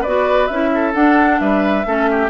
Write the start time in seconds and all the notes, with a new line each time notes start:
0.00 B3 F#4 B4 D5
0.46 C#4 E4 E5
0.74 A4
0.93 D4 F#5
1.39 G3 B4 E5
1.85 A3 C#4 A4
2.10 G4